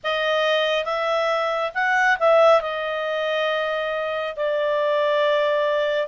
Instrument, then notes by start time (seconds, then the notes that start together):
clarinet
0.03 D#5
0.85 E5
1.74 F#5
2.19 E5
2.61 D#5
4.36 D5